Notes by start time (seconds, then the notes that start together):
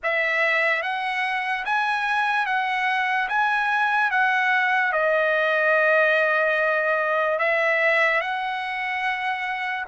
0.03 E5
0.82 F#5
1.65 G#5
2.46 F#5
3.28 G#5
4.11 F#5
4.92 D#5
7.38 E5
8.20 F#5